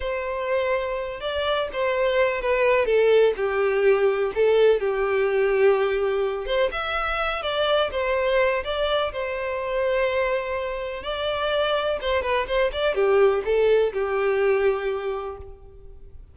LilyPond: \new Staff \with { instrumentName = "violin" } { \time 4/4 \tempo 4 = 125 c''2~ c''8 d''4 c''8~ | c''4 b'4 a'4 g'4~ | g'4 a'4 g'2~ | g'4. c''8 e''4. d''8~ |
d''8 c''4. d''4 c''4~ | c''2. d''4~ | d''4 c''8 b'8 c''8 d''8 g'4 | a'4 g'2. | }